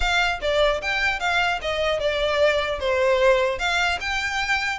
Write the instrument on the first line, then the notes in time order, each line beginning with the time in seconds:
violin
0.00 F5
0.41 D5
0.81 G5
1.19 F5
1.61 D#5
1.99 D5
2.79 C5
3.58 F5
4.00 G5